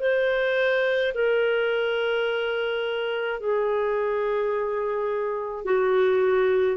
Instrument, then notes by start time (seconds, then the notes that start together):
clarinet
0.00 C5
1.15 A#4
3.41 G#4
5.66 F#4